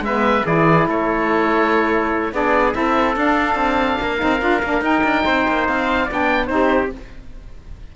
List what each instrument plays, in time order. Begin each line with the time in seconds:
0.00 cello G#3, saxophone B3, trumpet B4, oboe E5
0.45 cello E3, saxophone E4, trumpet G#4, oboe D5
0.86 cello A3, trumpet A4, oboe C#5
2.32 cello B3, saxophone D4, trumpet G#4, oboe D5
2.72 cello C4, saxophone E4, trumpet A4, oboe E5
3.15 cello D4, saxophone D4, oboe F5
3.55 cello C4
4.01 cello A#3, trumpet A#4
4.17 cello C4, saxophone D#4
4.39 cello D4, saxophone F4
4.62 cello A#3, saxophone D4
4.81 cello D#4, saxophone D#4, oboe G5
5.03 cello D4
5.24 cello C4, trumpet C5
5.48 cello A#3
5.67 cello C4, oboe F5
6.05 saxophone D4, trumpet D5
6.11 cello B3, oboe G5
6.46 cello C4, saxophone D#4, oboe C5
6.53 trumpet G4